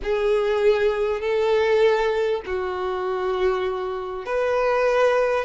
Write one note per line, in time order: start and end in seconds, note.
0.03 1.20 G#4
1.20 2.42 A4
2.45 4.25 F#4
4.25 5.44 B4